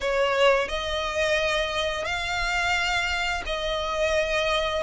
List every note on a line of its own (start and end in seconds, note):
0.01 0.68 C#5
0.68 2.05 D#5
2.05 3.43 F5
3.46 4.83 D#5